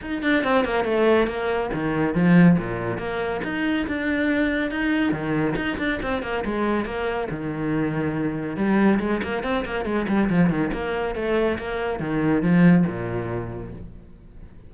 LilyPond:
\new Staff \with { instrumentName = "cello" } { \time 4/4 \tempo 4 = 140 dis'8 d'8 c'8 ais8 a4 ais4 | dis4 f4 ais,4 ais4 | dis'4 d'2 dis'4 | dis4 dis'8 d'8 c'8 ais8 gis4 |
ais4 dis2. | g4 gis8 ais8 c'8 ais8 gis8 g8 | f8 dis8 ais4 a4 ais4 | dis4 f4 ais,2 | }